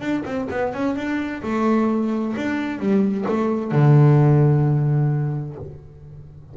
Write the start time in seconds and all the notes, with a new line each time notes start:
0.00 D4
0.25 C4
0.51 B3
0.74 C#4
0.96 D4
1.43 A3
2.36 D4
2.79 G3
3.28 A3
3.72 D3